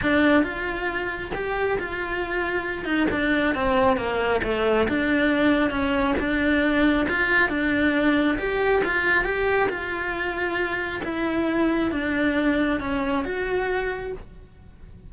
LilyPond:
\new Staff \with { instrumentName = "cello" } { \time 4/4 \tempo 4 = 136 d'4 f'2 g'4 | f'2~ f'8 dis'8 d'4 | c'4 ais4 a4 d'4~ | d'4 cis'4 d'2 |
f'4 d'2 g'4 | f'4 g'4 f'2~ | f'4 e'2 d'4~ | d'4 cis'4 fis'2 | }